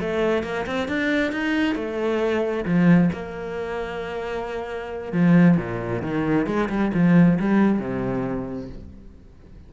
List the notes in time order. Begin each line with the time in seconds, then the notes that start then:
0.00 A3
0.43 A#3
0.66 C4
0.88 D4
1.31 D#4
1.75 A3
2.65 F3
3.12 A#3
5.12 F3
5.57 A#2
6.02 D#3
6.46 G#3
6.69 G3
6.94 F3
7.39 G3
7.79 C3